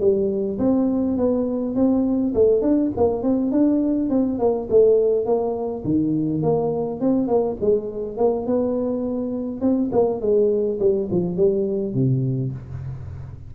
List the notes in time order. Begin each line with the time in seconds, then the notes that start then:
0.00 G3
0.59 C4
1.17 B3
1.75 C4
2.35 A3
2.62 D4
2.97 A#3
3.23 C4
3.52 D4
4.10 C4
4.39 A#3
4.70 A3
5.26 A#3
5.84 D#3
6.43 A#3
7.01 C4
7.28 A#3
7.61 G#3
8.17 A#3
8.47 B3
9.61 C4
9.92 A#3
10.21 G#3
10.80 G3
11.11 F3
11.36 G3
11.94 C3